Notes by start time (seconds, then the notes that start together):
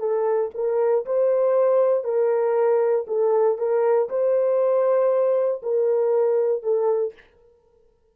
0.00 A4
0.55 A#4
1.06 C5
2.04 A#4
3.08 A4
3.58 A#4
4.10 C5
5.63 A#4
6.63 A4